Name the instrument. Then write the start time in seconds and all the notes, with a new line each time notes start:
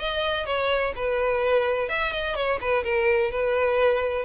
violin
0.00 D#5
0.46 C#5
0.96 B4
1.89 E5
2.13 D#5
2.36 C#5
2.62 B4
2.84 A#4
3.32 B4